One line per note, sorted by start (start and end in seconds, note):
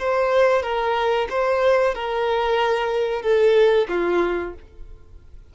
0.00 0.63 C5
0.63 1.28 A#4
1.30 1.95 C5
1.95 3.23 A#4
3.23 3.88 A4
3.89 4.54 F4